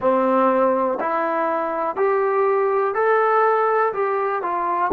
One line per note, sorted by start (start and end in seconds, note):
0.00 0.98 C4
1.00 1.96 E4
1.96 2.94 G4
2.94 3.92 A4
3.93 4.42 G4
4.42 4.91 F4